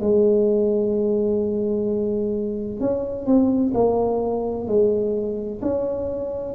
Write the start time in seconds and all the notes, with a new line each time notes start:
0.00 G#3
2.80 C#4
3.26 C4
3.74 A#3
4.67 G#3
5.62 C#4